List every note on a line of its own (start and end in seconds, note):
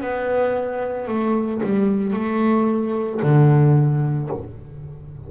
0.00 1.07 B3
1.07 1.61 A3
1.63 2.13 G3
2.13 3.20 A3
3.22 4.29 D3